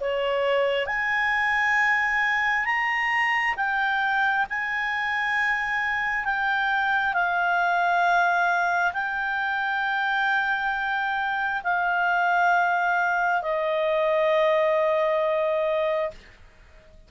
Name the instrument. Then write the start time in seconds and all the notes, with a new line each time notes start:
clarinet
0.00 C#5
0.86 G#5
2.65 A#5
3.56 G5
4.49 G#5
6.25 G5
7.13 F5
8.93 G5
11.63 F5
13.42 D#5